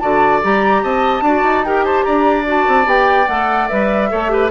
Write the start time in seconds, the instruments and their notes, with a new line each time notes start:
0.00 bassoon D3, clarinet F#4, oboe D5, flute A5
0.42 bassoon G3, clarinet G4, flute A#5
0.83 bassoon C4, oboe D#5, flute A5
1.22 bassoon D4, clarinet F#4, oboe D5
1.43 bassoon D#4
1.65 clarinet G4, oboe A#4, flute G5
1.85 oboe C5, flute A5
2.04 bassoon D4, oboe D5, flute A#5
2.45 clarinet F#4, flute A5
2.68 bassoon C4
2.86 bassoon B3, clarinet G4, flute G5
3.28 bassoon A3, clarinet A4, flute F#5
3.68 bassoon G3, clarinet B4, flute E5
4.11 bassoon A3, clarinet A4, oboe C#5
4.29 clarinet G4, oboe B4